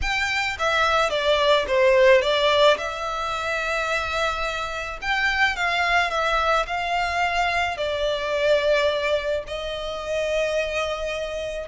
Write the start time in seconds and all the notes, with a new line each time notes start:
0.02 G5
0.58 E5
1.10 D5
1.67 C5
2.21 D5
2.77 E5
5.01 G5
5.56 F5
6.10 E5
6.66 F5
7.77 D5
9.47 D#5